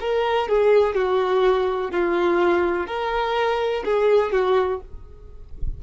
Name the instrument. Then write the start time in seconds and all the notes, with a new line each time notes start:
violin
0.00 A#4
0.48 G#4
0.95 F#4
1.91 F4
2.87 A#4
3.84 G#4
4.32 F#4